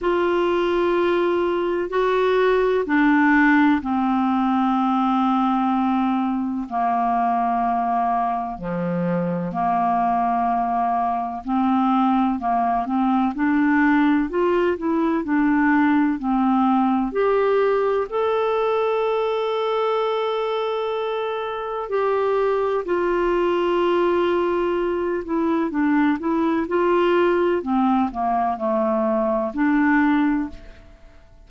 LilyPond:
\new Staff \with { instrumentName = "clarinet" } { \time 4/4 \tempo 4 = 63 f'2 fis'4 d'4 | c'2. ais4~ | ais4 f4 ais2 | c'4 ais8 c'8 d'4 f'8 e'8 |
d'4 c'4 g'4 a'4~ | a'2. g'4 | f'2~ f'8 e'8 d'8 e'8 | f'4 c'8 ais8 a4 d'4 | }